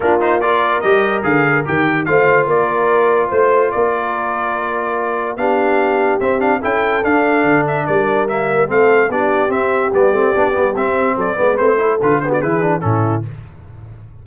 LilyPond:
<<
  \new Staff \with { instrumentName = "trumpet" } { \time 4/4 \tempo 4 = 145 ais'8 c''8 d''4 dis''4 f''4 | g''4 f''4 d''2 | c''4 d''2.~ | d''4 f''2 e''8 f''8 |
g''4 f''4. e''8 d''4 | e''4 f''4 d''4 e''4 | d''2 e''4 d''4 | c''4 b'8 c''16 d''16 b'4 a'4 | }
  \new Staff \with { instrumentName = "horn" } { \time 4/4 f'4 ais'2.~ | ais'4 c''4 ais'2 | c''4 ais'2.~ | ais'4 g'2. |
a'2. ais'4~ | ais'4 a'4 g'2~ | g'2. a'8 b'8~ | b'8 a'4 gis'16 fis'16 gis'4 e'4 | }
  \new Staff \with { instrumentName = "trombone" } { \time 4/4 d'8 dis'8 f'4 g'4 gis'4 | g'4 f'2.~ | f'1~ | f'4 d'2 c'8 d'8 |
e'4 d'2. | ais4 c'4 d'4 c'4 | b8 c'8 d'8 b8 c'4. b8 | c'8 e'8 f'8 b8 e'8 d'8 cis'4 | }
  \new Staff \with { instrumentName = "tuba" } { \time 4/4 ais2 g4 d4 | dis4 a4 ais2 | a4 ais2.~ | ais4 b2 c'4 |
cis'4 d'4 d4 g4~ | g4 a4 b4 c'4 | g8 a8 b8 g8 c'4 fis8 gis8 | a4 d4 e4 a,4 | }
>>